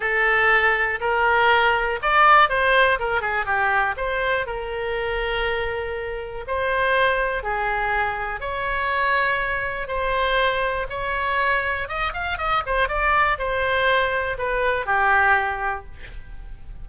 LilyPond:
\new Staff \with { instrumentName = "oboe" } { \time 4/4 \tempo 4 = 121 a'2 ais'2 | d''4 c''4 ais'8 gis'8 g'4 | c''4 ais'2.~ | ais'4 c''2 gis'4~ |
gis'4 cis''2. | c''2 cis''2 | dis''8 f''8 dis''8 c''8 d''4 c''4~ | c''4 b'4 g'2 | }